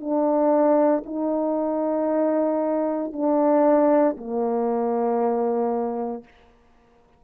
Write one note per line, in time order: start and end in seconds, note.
0.00 1.03 D4
1.06 3.13 D#4
3.13 4.16 D4
4.17 6.24 A#3